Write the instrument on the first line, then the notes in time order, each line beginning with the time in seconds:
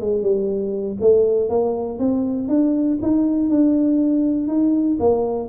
tuba
0.00 G#3
0.22 G3
1.00 A3
1.49 A#3
1.98 C4
2.48 D4
3.02 D#4
3.49 D4
4.47 D#4
4.99 A#3